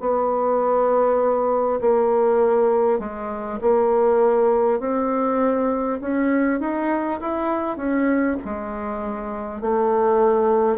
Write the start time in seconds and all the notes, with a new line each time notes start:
0.00 B3
1.81 A#3
2.99 G#3
3.61 A#3
4.79 C4
6.00 C#4
6.60 D#4
7.20 E4
7.77 C#4
8.44 G#3
9.61 A3